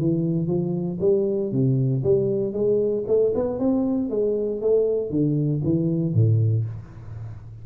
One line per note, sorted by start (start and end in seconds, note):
0.00 0.48 E3
0.48 0.99 F3
1.01 1.52 G3
1.52 2.03 C3
2.04 2.53 G3
2.53 3.04 G#3
3.08 3.34 A3
3.35 3.60 B3
3.60 4.10 C4
4.10 4.61 G#3
4.62 5.10 A3
5.10 5.62 D3
5.64 6.14 E3
6.14 6.65 A2